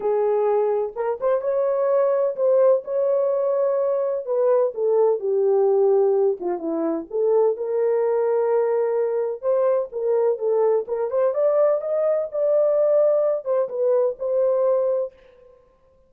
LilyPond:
\new Staff \with { instrumentName = "horn" } { \time 4/4 \tempo 4 = 127 gis'2 ais'8 c''8 cis''4~ | cis''4 c''4 cis''2~ | cis''4 b'4 a'4 g'4~ | g'4. f'8 e'4 a'4 |
ais'1 | c''4 ais'4 a'4 ais'8 c''8 | d''4 dis''4 d''2~ | d''8 c''8 b'4 c''2 | }